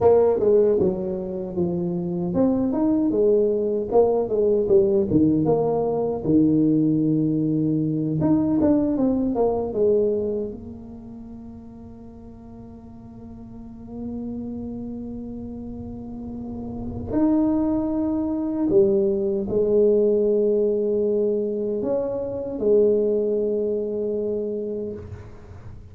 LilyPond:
\new Staff \with { instrumentName = "tuba" } { \time 4/4 \tempo 4 = 77 ais8 gis8 fis4 f4 c'8 dis'8 | gis4 ais8 gis8 g8 dis8 ais4 | dis2~ dis8 dis'8 d'8 c'8 | ais8 gis4 ais2~ ais8~ |
ais1~ | ais2 dis'2 | g4 gis2. | cis'4 gis2. | }